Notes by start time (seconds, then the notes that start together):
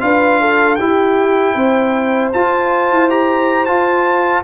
0.00 D4 F4 B4 F5
0.41 A4
0.75 E4 G4 G5
1.55 C4 C5
2.33 F4 A5
2.92 E4
3.09 G4 A#5
3.65 F4 A5